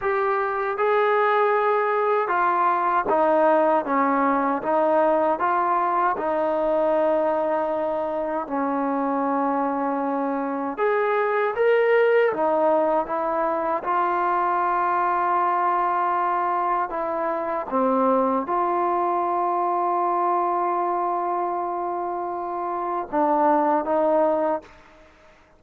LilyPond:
\new Staff \with { instrumentName = "trombone" } { \time 4/4 \tempo 4 = 78 g'4 gis'2 f'4 | dis'4 cis'4 dis'4 f'4 | dis'2. cis'4~ | cis'2 gis'4 ais'4 |
dis'4 e'4 f'2~ | f'2 e'4 c'4 | f'1~ | f'2 d'4 dis'4 | }